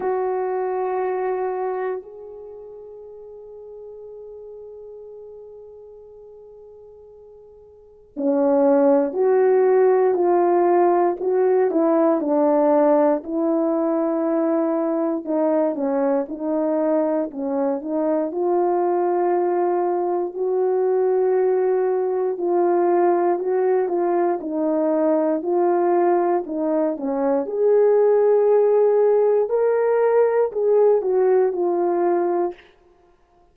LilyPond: \new Staff \with { instrumentName = "horn" } { \time 4/4 \tempo 4 = 59 fis'2 gis'2~ | gis'1 | cis'4 fis'4 f'4 fis'8 e'8 | d'4 e'2 dis'8 cis'8 |
dis'4 cis'8 dis'8 f'2 | fis'2 f'4 fis'8 f'8 | dis'4 f'4 dis'8 cis'8 gis'4~ | gis'4 ais'4 gis'8 fis'8 f'4 | }